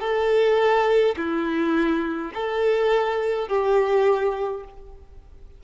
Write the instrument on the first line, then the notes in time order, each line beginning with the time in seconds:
violin
0.00 A4
1.16 E4
2.34 A4
3.48 G4